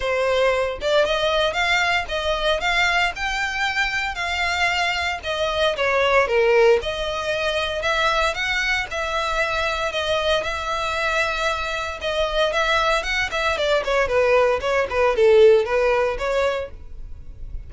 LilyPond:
\new Staff \with { instrumentName = "violin" } { \time 4/4 \tempo 4 = 115 c''4. d''8 dis''4 f''4 | dis''4 f''4 g''2 | f''2 dis''4 cis''4 | ais'4 dis''2 e''4 |
fis''4 e''2 dis''4 | e''2. dis''4 | e''4 fis''8 e''8 d''8 cis''8 b'4 | cis''8 b'8 a'4 b'4 cis''4 | }